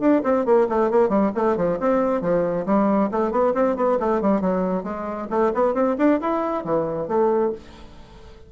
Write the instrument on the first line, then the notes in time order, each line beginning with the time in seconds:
bassoon
0.00 D4
0.23 C4
0.45 A#3
0.69 A3
0.91 A#3
1.09 G3
1.35 A3
1.57 F3
1.80 C4
2.21 F3
2.66 G3
3.11 A3
3.31 B3
3.54 C4
3.76 B3
4.00 A3
4.21 G3
4.41 F#3
4.83 G#3
5.30 A3
5.54 B3
5.74 C4
5.98 D4
6.21 E4
6.64 E3
7.08 A3